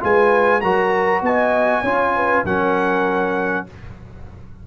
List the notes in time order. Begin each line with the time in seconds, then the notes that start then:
0.00 G#3 F4 B4 G#5
0.61 F#3 F#4 A#4 A#5
1.21 B3 D#5 G#5
1.82 C#4 F4 C#5
2.15 B4
2.44 F#3 C#4 A#4 F#5